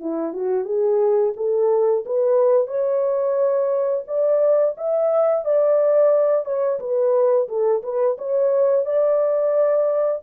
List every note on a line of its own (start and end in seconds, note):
0.00 0.33 E4
0.33 0.64 F#4
0.64 1.33 G#4
1.36 2.04 A4
2.05 2.67 B4
2.67 4.03 C#5
4.07 4.75 D5
4.77 5.45 E5
5.45 6.45 D5
6.45 6.79 C#5
6.79 7.48 B4
7.48 7.82 A4
7.83 8.17 B4
8.18 8.85 C#5
8.85 10.22 D5